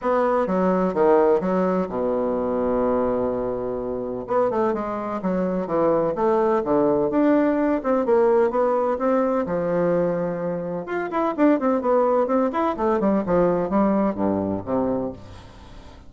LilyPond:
\new Staff \with { instrumentName = "bassoon" } { \time 4/4 \tempo 4 = 127 b4 fis4 dis4 fis4 | b,1~ | b,4 b8 a8 gis4 fis4 | e4 a4 d4 d'4~ |
d'8 c'8 ais4 b4 c'4 | f2. f'8 e'8 | d'8 c'8 b4 c'8 e'8 a8 g8 | f4 g4 g,4 c4 | }